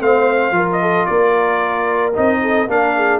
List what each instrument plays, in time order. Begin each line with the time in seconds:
0.00 tuba A3, trombone C4, horn C5, trumpet F5
0.51 tuba F3, trombone F4, horn A#4
0.72 trumpet D#5
0.82 horn A4
1.06 tuba A#3, horn A#4, trumpet D5
2.14 tuba C4, trombone D#4, trumpet D#5
2.42 horn A4
2.67 tuba A#3, trombone D4, horn A#4, trumpet F5
2.97 horn G#4